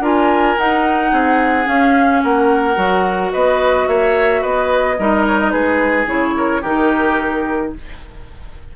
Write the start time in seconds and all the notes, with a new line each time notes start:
0.00 D4 F4 A#4 G#5
0.58 D#4 F#5
1.12 C4 G#4
1.65 C#4 F5
2.23 A#3 A#4 F#5
2.75 F#3 F#4
3.33 B3 B4 D#5
3.87 A#3 C#5 E5
4.42 B3 B4 D#5
4.99 G3 D#4 A#4
5.27 C#5
5.40 D#5
5.51 G#3 G#4 B4
6.06 C#3 E4 C#5
6.37 A#4
6.61 D#3 D#4 G4 A#4